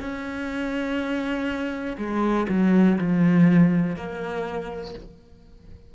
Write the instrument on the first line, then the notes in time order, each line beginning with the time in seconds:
cello
0.00 C#4
1.98 G#3
2.49 F#3
2.99 F3
3.96 A#3